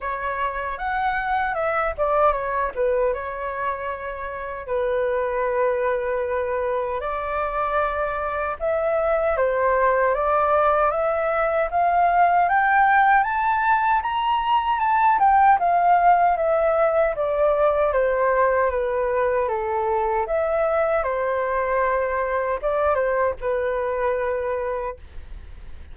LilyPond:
\new Staff \with { instrumentName = "flute" } { \time 4/4 \tempo 4 = 77 cis''4 fis''4 e''8 d''8 cis''8 b'8 | cis''2 b'2~ | b'4 d''2 e''4 | c''4 d''4 e''4 f''4 |
g''4 a''4 ais''4 a''8 g''8 | f''4 e''4 d''4 c''4 | b'4 a'4 e''4 c''4~ | c''4 d''8 c''8 b'2 | }